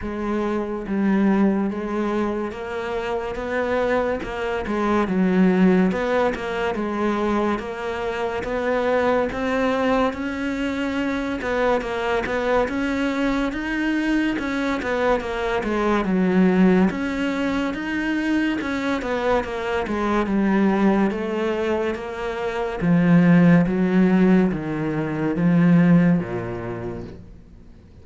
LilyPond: \new Staff \with { instrumentName = "cello" } { \time 4/4 \tempo 4 = 71 gis4 g4 gis4 ais4 | b4 ais8 gis8 fis4 b8 ais8 | gis4 ais4 b4 c'4 | cis'4. b8 ais8 b8 cis'4 |
dis'4 cis'8 b8 ais8 gis8 fis4 | cis'4 dis'4 cis'8 b8 ais8 gis8 | g4 a4 ais4 f4 | fis4 dis4 f4 ais,4 | }